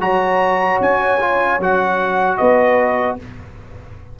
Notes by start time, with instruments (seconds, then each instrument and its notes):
0.00 tuba F#3, trombone F#4, horn C#5, trumpet A#5
0.80 tuba C#4, trumpet G#5
1.20 trombone F4
1.59 tuba F#3, trombone F#4, trumpet F#5
2.37 tuba B3, horn B4, trumpet D#5